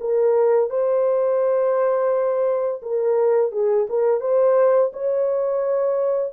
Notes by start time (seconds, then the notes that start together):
0.00 A#4
0.70 C5
2.82 A#4
3.52 G#4
3.90 A#4
4.21 C5
4.93 C#5